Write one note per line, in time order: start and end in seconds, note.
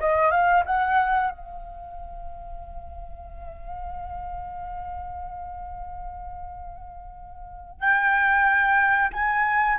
0.00 0.31 D#5
0.31 0.64 F5
0.66 1.31 F#5
1.31 7.80 F5
7.80 9.11 G5
9.13 9.78 G#5